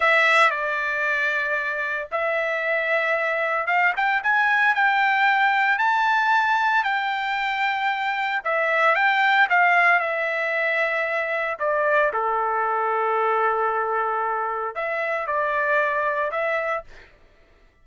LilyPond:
\new Staff \with { instrumentName = "trumpet" } { \time 4/4 \tempo 4 = 114 e''4 d''2. | e''2. f''8 g''8 | gis''4 g''2 a''4~ | a''4 g''2. |
e''4 g''4 f''4 e''4~ | e''2 d''4 a'4~ | a'1 | e''4 d''2 e''4 | }